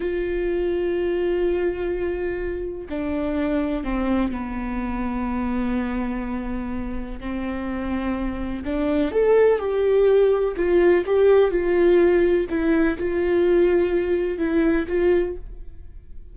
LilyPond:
\new Staff \with { instrumentName = "viola" } { \time 4/4 \tempo 4 = 125 f'1~ | f'2 d'2 | c'4 b2.~ | b2. c'4~ |
c'2 d'4 a'4 | g'2 f'4 g'4 | f'2 e'4 f'4~ | f'2 e'4 f'4 | }